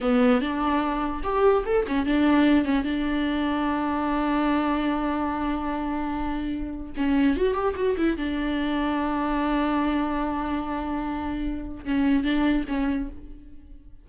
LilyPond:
\new Staff \with { instrumentName = "viola" } { \time 4/4 \tempo 4 = 147 b4 d'2 g'4 | a'8 cis'8 d'4. cis'8 d'4~ | d'1~ | d'1~ |
d'4 cis'4 fis'8 g'8 fis'8 e'8 | d'1~ | d'1~ | d'4 cis'4 d'4 cis'4 | }